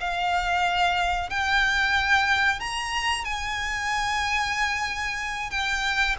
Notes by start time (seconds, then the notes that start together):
0.00 F5
1.30 G5
2.60 A#5
3.25 G#5
5.50 G5